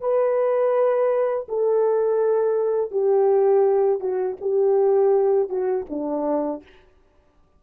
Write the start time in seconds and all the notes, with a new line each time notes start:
0.00 B4
1.48 A4
2.91 G4
4.00 F#4
4.41 G4
5.49 F#4
5.89 D4